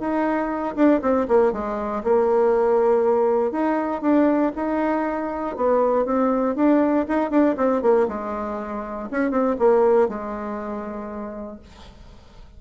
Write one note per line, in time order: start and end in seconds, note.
0.00 0.76 D#4
0.76 1.01 D4
1.02 1.27 C4
1.29 1.53 A#3
1.53 2.04 G#3
2.04 3.52 A#3
3.52 4.02 D#4
4.02 4.52 D4
4.56 5.57 D#4
5.57 6.06 B3
6.06 6.56 C4
6.56 7.06 D4
7.09 7.31 D#4
7.31 7.56 D4
7.57 7.83 C4
7.83 8.08 A#3
8.09 9.10 G#3
9.11 9.31 C#4
9.31 9.56 C4
9.59 10.09 A#3
10.09 11.60 G#3